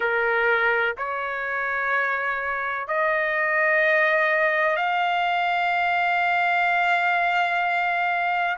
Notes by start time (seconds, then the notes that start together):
0.00 A#4
0.97 C#5
2.87 D#5
4.76 F5